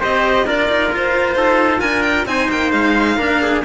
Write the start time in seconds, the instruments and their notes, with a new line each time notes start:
0.00 cello C4 G4, trumpet C5, violin D#5
0.46 cello D4 F4, trumpet A#4, violin D5
0.69 cello D#4
0.93 cello F4, violin C5
1.35 cello D#4, trumpet A4
1.81 cello D4, trumpet A#4, violin G#5
2.03 violin G5
2.26 cello C4 D#4, trumpet C5, violin G#5
2.50 cello A#3, violin G5
2.72 cello G#3, violin F5
3.17 cello A#3 D4, trumpet A#4
3.42 trumpet G#4